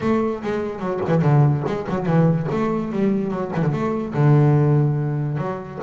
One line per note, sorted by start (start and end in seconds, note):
0.01 0.42 A3
0.43 0.79 G#3
0.79 1.00 F#3
1.07 1.22 E3
1.22 1.63 D3
1.66 1.87 G#3
1.89 2.06 F#3
2.06 2.47 E3
2.51 2.92 A3
2.92 3.30 G3
3.30 3.51 F#3
3.55 3.62 E3
3.62 3.72 D3
3.72 4.13 A3
4.14 5.37 D3
5.37 5.79 F#3